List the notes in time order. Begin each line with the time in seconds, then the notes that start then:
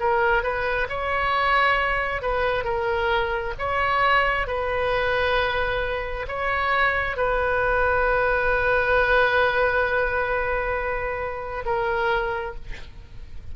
0.00 A#4
0.43 B4
0.89 C#5
2.22 B4
2.64 A#4
3.59 C#5
4.47 B4
6.28 C#5
7.17 B4
11.66 A#4